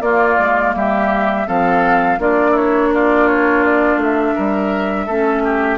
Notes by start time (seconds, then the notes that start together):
0.00 A#3 F4 D5
0.39 G#3
0.75 G3 G4 E5
1.46 F3 C4 A4 F5
2.18 A#3 D4 F4 D5
2.51 E4 C#5
2.93 F4 D5
3.27 C#5
3.63 D5
3.97 A3 E5
4.35 G3 A#4
5.06 A3 C#4 A4
5.44 G4